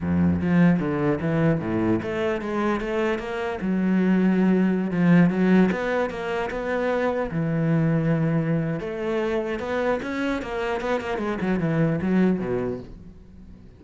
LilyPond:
\new Staff \with { instrumentName = "cello" } { \time 4/4 \tempo 4 = 150 f,4 f4 d4 e4 | a,4 a4 gis4 a4 | ais4 fis2.~ | fis16 f4 fis4 b4 ais8.~ |
ais16 b2 e4.~ e16~ | e2 a2 | b4 cis'4 ais4 b8 ais8 | gis8 fis8 e4 fis4 b,4 | }